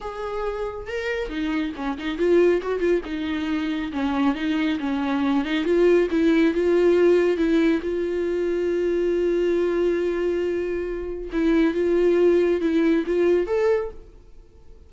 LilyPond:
\new Staff \with { instrumentName = "viola" } { \time 4/4 \tempo 4 = 138 gis'2 ais'4 dis'4 | cis'8 dis'8 f'4 fis'8 f'8 dis'4~ | dis'4 cis'4 dis'4 cis'4~ | cis'8 dis'8 f'4 e'4 f'4~ |
f'4 e'4 f'2~ | f'1~ | f'2 e'4 f'4~ | f'4 e'4 f'4 a'4 | }